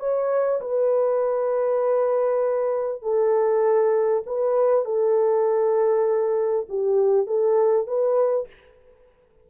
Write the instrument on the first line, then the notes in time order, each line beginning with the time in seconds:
horn
0.00 C#5
0.61 B4
3.02 A4
4.26 B4
4.85 A4
6.69 G4
7.26 A4
7.87 B4